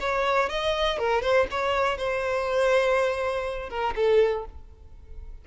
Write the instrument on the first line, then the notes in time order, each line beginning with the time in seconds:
violin
0.00 C#5
0.49 D#5
0.98 A#4
1.22 C5
1.51 C#5
1.98 C5
3.70 A#4
3.96 A4